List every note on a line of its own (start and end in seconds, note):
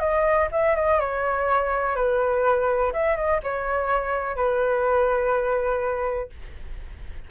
0.00 0.48 D#5
0.52 0.76 E5
0.76 1.00 D#5
1.00 1.96 C#5
1.96 2.93 B4
2.93 3.16 E5
3.16 3.41 D#5
3.44 4.36 C#5
4.36 6.30 B4